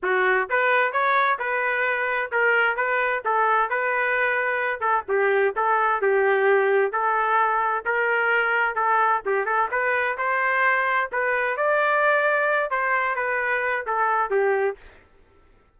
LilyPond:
\new Staff \with { instrumentName = "trumpet" } { \time 4/4 \tempo 4 = 130 fis'4 b'4 cis''4 b'4~ | b'4 ais'4 b'4 a'4 | b'2~ b'8 a'8 g'4 | a'4 g'2 a'4~ |
a'4 ais'2 a'4 | g'8 a'8 b'4 c''2 | b'4 d''2~ d''8 c''8~ | c''8 b'4. a'4 g'4 | }